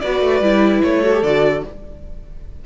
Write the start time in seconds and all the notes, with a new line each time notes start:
0.00 B3 F#4 B4 D5
0.21 A3
0.41 G3 E4
0.83 A3 C#5
1.02 F#4 A4
1.13 G4
1.23 D3 F#4 D5